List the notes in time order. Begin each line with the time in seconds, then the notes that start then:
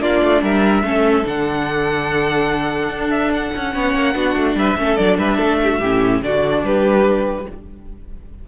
0.00 A#3 D4 F4 D5
0.22 A3
0.41 G3 A#4 E5
0.83 A3 C#4 A4
1.23 D3 D4 F#5
2.88 D4
3.10 E5
3.33 F#5
3.55 C#4
3.73 B3 C#4 C#5
3.94 A#3
4.14 B3 D4 F#4
4.36 A3
4.55 G3 B4 E5
4.77 A3 C#4 A4
4.96 F#3 D4 D5
5.17 G3 B4 E5
5.37 A3 A4
5.62 G4
5.71 F#4
5.79 A2 C#4 G4
6.22 D3 D4 F#4 D5
6.62 G3 G4 B4